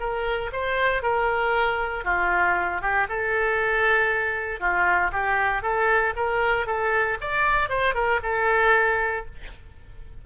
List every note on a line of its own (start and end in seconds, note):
0.00 0.51 A#4
0.53 1.03 C5
1.03 2.05 A#4
2.05 2.82 F4
2.82 3.07 G4
3.09 4.60 A4
4.60 5.11 F4
5.12 5.63 G4
5.63 6.14 A4
6.16 6.67 A#4
6.67 7.18 A4
7.21 7.69 D5
7.69 7.95 C5
7.95 8.21 A#4
8.23 9.26 A4